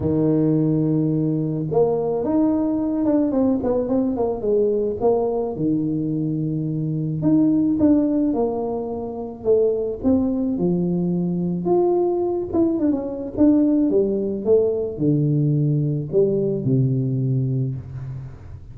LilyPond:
\new Staff \with { instrumentName = "tuba" } { \time 4/4 \tempo 4 = 108 dis2. ais4 | dis'4. d'8 c'8 b8 c'8 ais8 | gis4 ais4 dis2~ | dis4 dis'4 d'4 ais4~ |
ais4 a4 c'4 f4~ | f4 f'4. e'8 d'16 cis'8. | d'4 g4 a4 d4~ | d4 g4 c2 | }